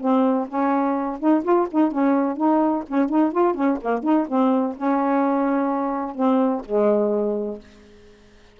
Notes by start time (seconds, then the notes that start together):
0.00 C4
0.48 C#4
1.20 D#4
1.44 F4
1.71 D#4
1.91 C#4
2.37 D#4
2.88 C#4
3.09 D#4
3.32 F4
3.54 C#4
3.81 A#3
4.03 D#4
4.28 C4
4.77 C#4
6.15 C4
6.65 G#3